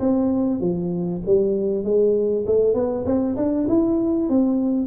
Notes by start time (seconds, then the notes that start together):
0.00 C4
0.61 F3
1.26 G3
1.84 G#3
2.47 A3
2.74 B3
3.06 C4
3.37 D4
3.68 E4
4.30 C4